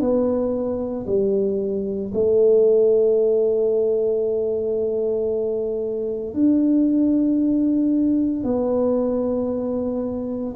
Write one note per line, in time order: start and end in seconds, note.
0.00 1.05 B3
1.06 2.11 G3
2.14 6.33 A3
6.33 8.44 D4
8.44 10.54 B3